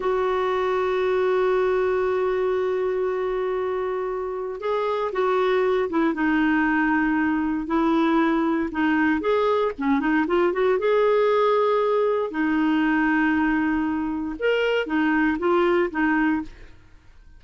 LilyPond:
\new Staff \with { instrumentName = "clarinet" } { \time 4/4 \tempo 4 = 117 fis'1~ | fis'1~ | fis'4 gis'4 fis'4. e'8 | dis'2. e'4~ |
e'4 dis'4 gis'4 cis'8 dis'8 | f'8 fis'8 gis'2. | dis'1 | ais'4 dis'4 f'4 dis'4 | }